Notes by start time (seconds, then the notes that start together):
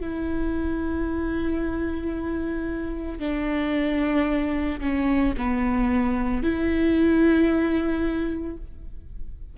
0.00 E4
3.19 D4
4.80 C#4
5.37 B3
6.42 E4